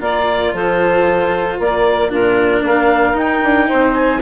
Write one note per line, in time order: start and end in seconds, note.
0.00 0.53 A#3
0.00 2.09 F4
0.00 0.53 A#4
0.00 0.54 D5
0.53 1.58 F3
0.53 1.57 A4
0.53 1.59 C5
1.57 2.12 A#3
1.57 2.09 A#4
1.57 2.12 D5
2.09 2.62 A#2
2.09 3.13 D4
2.09 2.61 F4
2.09 2.64 A#4
2.62 3.13 A#3
2.62 3.67 A#4
2.62 3.18 F5
3.13 4.18 D#4
3.13 3.40 D#4
3.13 3.94 G5
3.43 3.69 D4
3.67 4.21 C4
3.67 4.20 C5
3.94 4.20 G#5